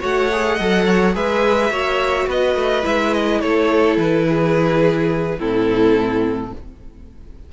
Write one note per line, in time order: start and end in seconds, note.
0.00 0.60 A3
0.00 0.29 F#4
0.00 0.55 C#5
0.00 1.15 F#5
0.32 0.60 G#4
0.55 1.15 F#3
0.55 1.13 A4
0.55 0.83 D#5
0.86 1.14 C#5
1.13 1.70 G#3
1.13 1.70 G#4
1.13 1.71 B4
1.13 2.28 E5
1.70 2.27 A#3
1.70 2.82 F#4
1.70 2.27 C#5
2.27 2.55 B3
2.27 3.40 B4
2.27 2.85 D#5
2.55 2.83 A3
2.82 3.42 G#3
2.82 5.37 E4
2.82 3.13 E5
3.13 3.40 D#5
3.40 3.97 A3
3.40 4.27 A4
3.40 3.97 C#5
3.97 5.38 E3
3.97 5.39 B4
4.28 5.39 G#4
5.39 6.53 A2
5.39 6.52 C4
5.39 6.52 E4
5.39 6.53 A4